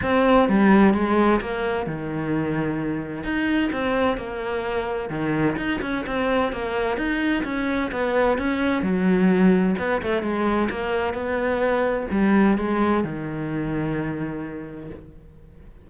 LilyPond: \new Staff \with { instrumentName = "cello" } { \time 4/4 \tempo 4 = 129 c'4 g4 gis4 ais4 | dis2. dis'4 | c'4 ais2 dis4 | dis'8 cis'8 c'4 ais4 dis'4 |
cis'4 b4 cis'4 fis4~ | fis4 b8 a8 gis4 ais4 | b2 g4 gis4 | dis1 | }